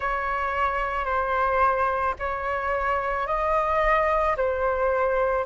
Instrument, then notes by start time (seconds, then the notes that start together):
flute
0.00 C#5
1.05 C5
2.19 C#5
3.27 D#5
4.36 C5